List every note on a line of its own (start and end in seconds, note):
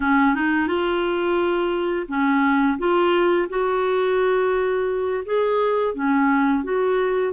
0.00 0.35 C#4
0.35 0.67 D#4
0.67 2.06 F4
2.08 2.77 C#4
2.78 3.48 F4
3.49 5.23 F#4
5.25 5.94 G#4
5.94 6.63 C#4
6.63 7.33 F#4